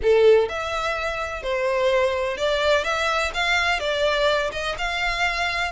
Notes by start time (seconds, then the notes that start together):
0.02 A4
0.48 E5
1.42 C5
2.37 D5
2.84 E5
3.33 F5
3.79 D5
4.52 D#5
4.78 F5